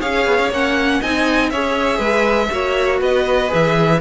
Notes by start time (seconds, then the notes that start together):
0.00 C#4 G#4 C#5 F5
0.26 B3
0.39 C#4
0.50 A#3 C#4 F#5
1.00 C4 D#4 D#5 G#5
1.50 C#4 G#4 C#5 E5
1.98 G#3 B4
2.50 A#3 F#4 C#5
2.99 B3 B4 D#5
3.48 E3 G#4 E5